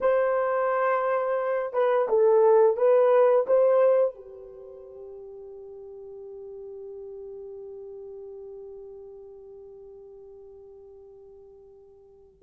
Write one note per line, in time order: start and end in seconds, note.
0.00 1.73 C5
1.73 2.08 B4
2.08 2.76 A4
2.76 3.45 B4
3.46 4.14 C5
4.14 12.42 G4